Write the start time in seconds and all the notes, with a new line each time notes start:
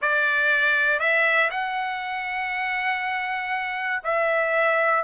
0.01 D5
0.99 E5
1.50 F#5
4.03 E5